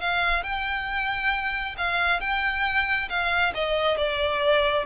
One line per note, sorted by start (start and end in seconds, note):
0.00 0.43 F5
0.43 1.75 G5
1.77 2.20 F5
2.20 3.08 G5
3.09 3.53 F5
3.54 3.97 D#5
3.97 4.85 D5